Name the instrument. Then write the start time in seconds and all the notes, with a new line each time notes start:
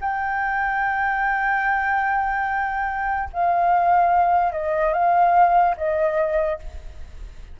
flute
0.00 G5
3.33 F5
4.52 D#5
4.93 F5
5.76 D#5